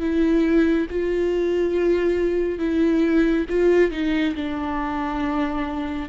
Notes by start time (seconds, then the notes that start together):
0.00 E4
0.90 F4
2.59 E4
3.49 F4
3.92 D#4
4.36 D4